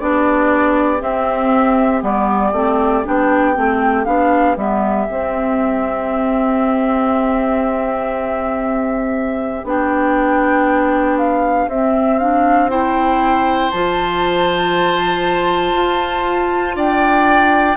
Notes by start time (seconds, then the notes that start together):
0.00 B3 D4 G4 D5
1.00 C4 E5
2.01 G3 B3 D5
2.53 A3 C4
3.05 B3 D4 G5
3.55 A3 C4
4.06 B3 D4 F5
4.57 G3 B3 E5
5.10 C4
9.64 B3 D4 G5
11.19 F5
11.68 C4 E5
12.19 D4 F5
12.70 E4 C5 G5
13.72 F3 F4 A5
15.73 F4
16.76 D4 D5 G5